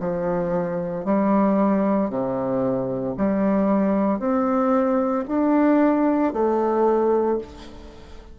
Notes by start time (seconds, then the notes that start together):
0.00 F3
1.05 G3
2.10 C3
3.17 G3
4.19 C4
5.28 D4
6.33 A3